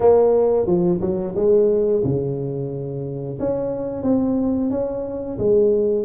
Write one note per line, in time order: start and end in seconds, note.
0.00 0.66 A#3
0.66 1.00 F3
1.00 1.34 F#3
1.35 2.03 G#3
2.04 3.39 C#3
3.39 4.03 C#4
4.03 4.70 C4
4.70 5.37 C#4
5.38 6.04 G#3